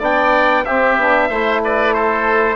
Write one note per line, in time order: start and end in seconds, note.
0.00 0.66 B3
0.00 0.65 D4
0.00 0.65 D5
0.00 0.65 G5
0.65 0.97 C4
0.65 1.00 C4
0.65 1.29 G4
0.65 1.62 E5
0.97 1.30 B3
0.97 1.32 D4
1.29 2.56 A3
1.29 2.56 E4
1.29 1.62 C5
1.65 1.95 B4
1.65 1.94 D5
1.94 2.56 A4
1.94 2.56 C5